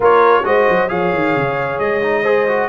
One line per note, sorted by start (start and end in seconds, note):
0.00 0.44 A#3
0.00 0.43 F4
0.00 0.44 A#4
0.00 0.45 C#5
0.43 0.67 G#3
0.43 0.88 F#4
0.43 0.90 C5
0.43 0.89 D#5
0.69 0.90 F#3
0.88 1.12 F3
0.88 2.01 G#4
0.88 2.23 C#5
0.88 1.79 F5
1.12 1.35 D#3
1.35 1.79 C#3
1.79 2.68 G#3
1.79 2.68 D#5
2.02 2.24 D#4
2.23 2.47 G#4
2.23 2.68 C5
2.47 2.68 F#4